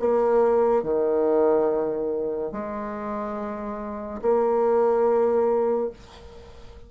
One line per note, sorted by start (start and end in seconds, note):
0.00 0.83 A#3
0.83 2.52 D#3
2.52 4.21 G#3
4.22 5.91 A#3